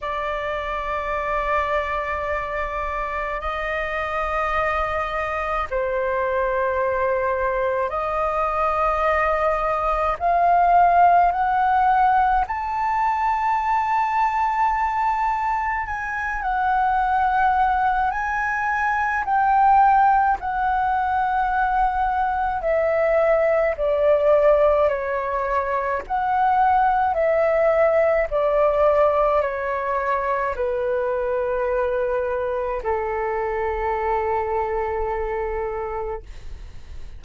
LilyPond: \new Staff \with { instrumentName = "flute" } { \time 4/4 \tempo 4 = 53 d''2. dis''4~ | dis''4 c''2 dis''4~ | dis''4 f''4 fis''4 a''4~ | a''2 gis''8 fis''4. |
gis''4 g''4 fis''2 | e''4 d''4 cis''4 fis''4 | e''4 d''4 cis''4 b'4~ | b'4 a'2. | }